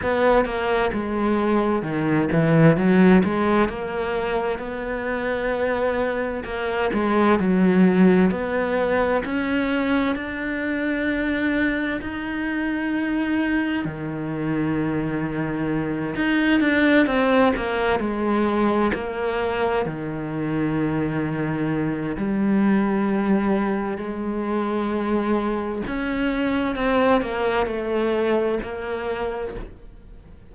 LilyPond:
\new Staff \with { instrumentName = "cello" } { \time 4/4 \tempo 4 = 65 b8 ais8 gis4 dis8 e8 fis8 gis8 | ais4 b2 ais8 gis8 | fis4 b4 cis'4 d'4~ | d'4 dis'2 dis4~ |
dis4. dis'8 d'8 c'8 ais8 gis8~ | gis8 ais4 dis2~ dis8 | g2 gis2 | cis'4 c'8 ais8 a4 ais4 | }